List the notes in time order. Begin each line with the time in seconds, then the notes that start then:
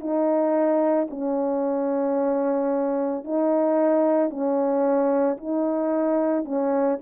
0.00 D#4
1.10 C#4
3.24 D#4
4.30 C#4
5.37 D#4
6.44 C#4